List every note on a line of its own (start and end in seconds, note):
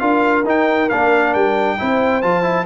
0.00 0.45 D4
0.00 0.45 F4
0.00 1.78 A#4
0.00 0.44 F5
0.45 0.89 D#4
0.45 0.90 D#4
0.45 0.90 G5
0.90 1.35 A#3
0.90 1.79 D4
0.90 1.34 F5
1.34 1.79 G3
1.34 2.22 G5
1.79 2.24 C4
1.79 2.23 E4
1.79 2.66 C5
2.23 2.66 F3
2.23 2.43 F4
2.23 2.66 A5
2.43 2.65 E4